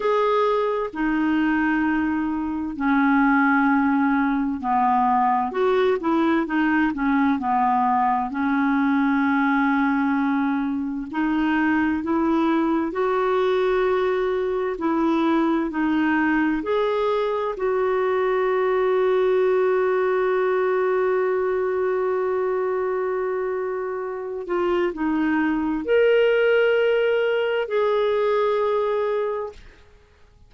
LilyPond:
\new Staff \with { instrumentName = "clarinet" } { \time 4/4 \tempo 4 = 65 gis'4 dis'2 cis'4~ | cis'4 b4 fis'8 e'8 dis'8 cis'8 | b4 cis'2. | dis'4 e'4 fis'2 |
e'4 dis'4 gis'4 fis'4~ | fis'1~ | fis'2~ fis'8 f'8 dis'4 | ais'2 gis'2 | }